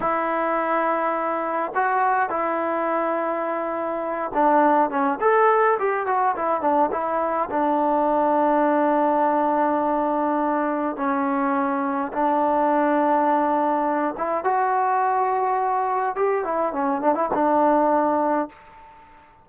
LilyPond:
\new Staff \with { instrumentName = "trombone" } { \time 4/4 \tempo 4 = 104 e'2. fis'4 | e'2.~ e'8 d'8~ | d'8 cis'8 a'4 g'8 fis'8 e'8 d'8 | e'4 d'2.~ |
d'2. cis'4~ | cis'4 d'2.~ | d'8 e'8 fis'2. | g'8 e'8 cis'8 d'16 e'16 d'2 | }